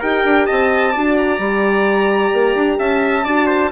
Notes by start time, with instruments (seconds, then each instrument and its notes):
0.00 bassoon D#4, horn G4, trumpet A#4, violin G5
0.24 bassoon D4
0.46 bassoon C4, trumpet D#5, violin A5
0.92 bassoon D4, horn F#4, trumpet D5
1.17 violin A#5
1.39 bassoon G3, horn G4
2.33 bassoon A#3
2.55 bassoon D4
2.79 bassoon C#4, trumpet E5, violin A5
3.24 bassoon D4, horn F#4, trumpet D5
3.47 trumpet C5